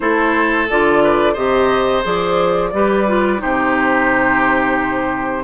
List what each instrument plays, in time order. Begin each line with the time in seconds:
0.00 bassoon A3, clarinet E4, oboe A4, flute C5
0.70 bassoon D3, clarinet F4, flute D5
1.03 oboe B4
1.33 bassoon C3, clarinet G4, oboe C5, flute D#5
2.03 bassoon F3, clarinet G#4, flute D5
2.73 bassoon G3, clarinet G4, oboe B4
3.07 clarinet F4
3.38 bassoon C3, clarinet D#4, oboe G4, flute C5